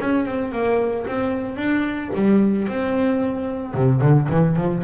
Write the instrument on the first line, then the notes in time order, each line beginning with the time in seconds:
double bass
0.00 C#4
0.25 C4
0.52 A#3
1.06 C4
1.56 D4
2.14 G3
2.68 C4
3.74 C3
4.00 D3
4.29 E3
4.56 F3